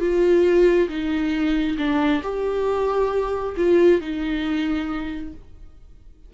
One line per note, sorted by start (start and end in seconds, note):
0.00 0.88 F4
0.89 1.77 D#4
1.78 2.22 D4
2.23 3.55 G4
3.57 4.01 F4
4.01 5.33 D#4